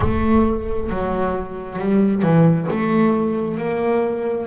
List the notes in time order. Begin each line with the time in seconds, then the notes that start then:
0.00 A3
0.90 F#3
1.79 G3
2.22 E3
2.70 A3
3.57 A#3